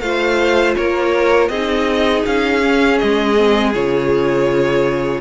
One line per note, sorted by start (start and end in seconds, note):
0.00 0.75 A3
0.00 1.51 F4
0.00 0.76 C5
0.00 0.74 F5
0.75 1.49 A#3
0.75 1.50 A#4
0.75 1.48 C#5
1.48 2.23 C4
1.48 2.61 D#4
1.48 5.20 G#4
1.48 2.22 D#5
2.26 3.00 C#4
2.26 2.98 F5
2.61 3.35 C#4
2.98 3.75 G#3
2.98 3.72 D#5
3.37 3.74 C4
3.74 5.21 C#3
3.74 5.21 F4
3.74 5.21 C#5